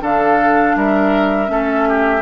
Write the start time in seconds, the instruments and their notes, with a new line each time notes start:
0.00 bassoon D3, clarinet D4, oboe A4, flute F5
0.75 bassoon G3, oboe A#4, flute E5
1.46 bassoon A3, clarinet C#4, oboe A4
1.88 oboe G4